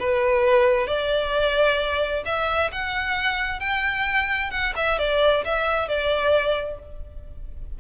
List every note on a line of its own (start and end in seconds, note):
0.00 0.87 B4
0.87 2.24 D5
2.26 2.71 E5
2.72 3.60 F#5
3.60 4.51 G5
4.51 4.74 F#5
4.76 4.99 E5
4.99 5.44 D5
5.45 5.88 E5
5.88 6.79 D5